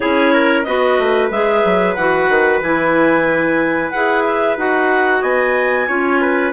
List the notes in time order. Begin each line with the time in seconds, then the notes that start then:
0.00 C#4 E4 G#4 C#5
0.33 A#4
0.63 B3 F#4 B4 D#5
0.98 A3
1.30 G#3 G#4 E5
1.64 F#3
1.94 E3 F#4 F#5
2.28 D#3
2.62 E3 E4 G#5
3.90 E4 G#4 F#5
4.24 E5
4.57 D#4 F#4 F#5
5.21 B3 D#5 G#5
5.87 C#4 F4 C#5
6.20 B4